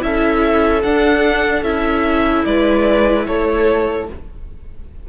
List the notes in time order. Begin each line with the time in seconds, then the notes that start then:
0.00 C#4 E4 A4 E5
0.83 D4 F#5
1.63 C#4 E4 E5
2.45 G#3 B4 D5
3.27 A3 A4 C#5